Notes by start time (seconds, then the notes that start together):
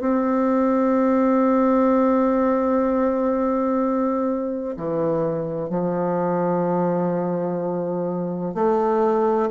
0.00 C4
4.77 E3
5.69 F3
8.54 A3